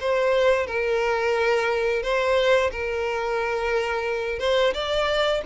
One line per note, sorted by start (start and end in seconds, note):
0.00 0.66 C5
0.66 2.02 A#4
2.02 2.71 C5
2.71 4.39 A#4
4.39 4.73 C5
4.74 5.42 D5